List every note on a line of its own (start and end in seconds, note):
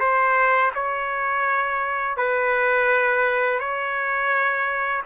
0.00 0.71 C5
0.75 2.17 C#5
2.17 3.60 B4
3.60 5.03 C#5